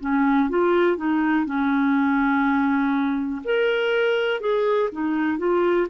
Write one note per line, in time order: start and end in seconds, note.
0.00 0.49 C#4
0.49 0.97 F4
0.97 1.45 D#4
1.45 3.42 C#4
3.44 4.41 A#4
4.41 4.90 G#4
4.92 5.38 D#4
5.38 5.87 F4